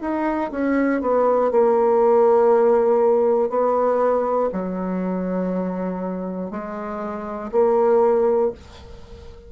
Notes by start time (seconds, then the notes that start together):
0.00 D#4
0.51 C#4
1.01 B3
1.51 A#3
3.50 B3
4.52 F#3
6.50 G#3
7.51 A#3